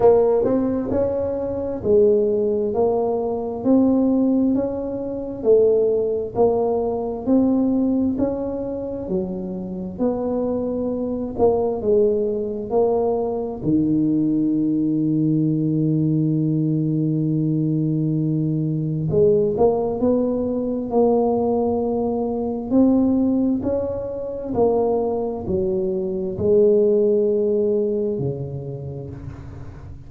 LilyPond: \new Staff \with { instrumentName = "tuba" } { \time 4/4 \tempo 4 = 66 ais8 c'8 cis'4 gis4 ais4 | c'4 cis'4 a4 ais4 | c'4 cis'4 fis4 b4~ | b8 ais8 gis4 ais4 dis4~ |
dis1~ | dis4 gis8 ais8 b4 ais4~ | ais4 c'4 cis'4 ais4 | fis4 gis2 cis4 | }